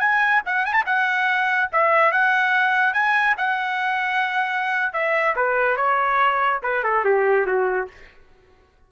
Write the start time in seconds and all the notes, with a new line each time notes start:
0.00 G#5
0.46 F#5
0.65 G#5
0.73 A5
0.86 F#5
1.72 E5
2.12 F#5
2.94 G#5
3.38 F#5
4.93 E5
5.36 B4
5.77 C#5
6.63 B4
6.84 A4
7.05 G4
7.46 F#4